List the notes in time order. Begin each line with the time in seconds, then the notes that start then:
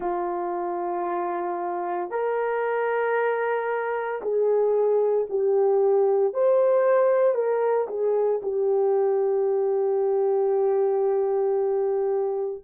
0.00 F4
2.10 A#4
4.22 G#4
5.29 G4
6.33 C5
7.34 A#4
7.88 G#4
8.42 G4